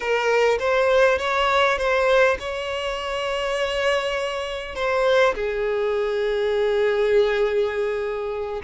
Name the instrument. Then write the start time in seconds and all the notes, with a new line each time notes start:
violin
0.00 A#4
0.59 C5
1.18 C#5
1.77 C5
2.39 C#5
4.75 C5
5.34 G#4